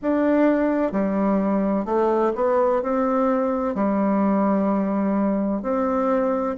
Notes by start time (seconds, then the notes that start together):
0.02 D4
0.92 G3
1.85 A3
2.35 B3
2.82 C4
3.75 G3
5.62 C4